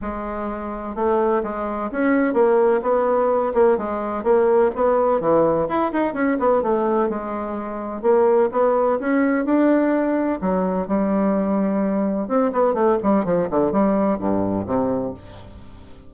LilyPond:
\new Staff \with { instrumentName = "bassoon" } { \time 4/4 \tempo 4 = 127 gis2 a4 gis4 | cis'4 ais4 b4. ais8 | gis4 ais4 b4 e4 | e'8 dis'8 cis'8 b8 a4 gis4~ |
gis4 ais4 b4 cis'4 | d'2 fis4 g4~ | g2 c'8 b8 a8 g8 | f8 d8 g4 g,4 c4 | }